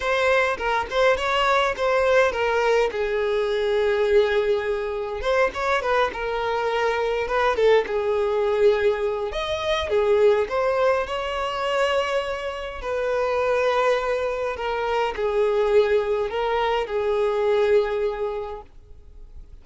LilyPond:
\new Staff \with { instrumentName = "violin" } { \time 4/4 \tempo 4 = 103 c''4 ais'8 c''8 cis''4 c''4 | ais'4 gis'2.~ | gis'4 c''8 cis''8 b'8 ais'4.~ | ais'8 b'8 a'8 gis'2~ gis'8 |
dis''4 gis'4 c''4 cis''4~ | cis''2 b'2~ | b'4 ais'4 gis'2 | ais'4 gis'2. | }